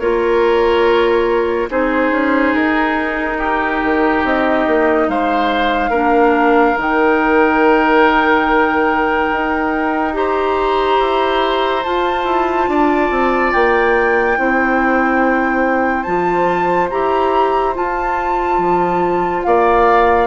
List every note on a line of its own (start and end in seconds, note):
0.00 1.69 A#3
0.00 1.69 F4
0.00 1.70 A#4
0.00 1.69 C#5
1.69 2.11 C4
1.69 5.92 D#4
1.69 3.38 G#4
1.69 2.55 C5
2.11 2.54 C#4
2.55 3.82 D#4
2.55 4.24 A#4
3.38 5.07 G4
3.83 4.24 D#3
4.24 4.66 C4
4.24 5.10 D#5
4.67 5.09 A#3
5.09 5.90 G#3
5.09 5.91 C5
5.09 6.79 F5
5.90 6.75 A#3
5.90 6.77 D4
5.90 10.13 A#4
6.77 9.31 D#3
6.77 10.13 D#4
6.77 10.16 G5
9.32 11.00 D#4
10.13 11.82 G4
10.13 12.70 C5
10.13 11.84 A#5
11.00 11.85 E4
11.84 14.37 F4
11.84 12.25 F4
11.84 13.52 A5
12.25 12.67 E4
12.68 13.10 D4
12.68 14.39 D5
13.11 13.53 C4
13.52 14.38 A#3
13.52 16.04 G5
14.37 16.07 C4
14.37 16.06 E4
14.37 19.46 C5
16.04 16.91 F3
16.04 16.91 F4
16.04 16.88 A5
16.90 17.76 E4
16.90 17.75 G4
16.90 17.75 A#5
17.75 20.28 F4
17.75 18.58 F4
17.75 19.43 A5
18.58 19.43 F3
19.43 20.28 A#3
19.43 20.28 D5
19.43 20.28 F5